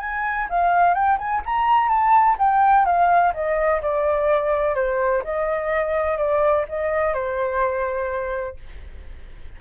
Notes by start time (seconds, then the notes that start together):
0.00 G#5
0.50 F5
0.94 G5
1.18 G#5
1.46 A#5
1.89 A5
2.39 G5
2.86 F5
3.34 D#5
3.82 D5
4.75 C5
5.24 D#5
6.18 D5
6.69 D#5
7.14 C5